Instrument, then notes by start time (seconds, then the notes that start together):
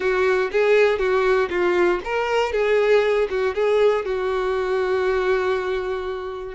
violin
0.00 F#4
0.51 G#4
0.98 F#4
1.50 F4
2.04 A#4
2.52 G#4
3.30 F#4
3.54 G#4
4.05 F#4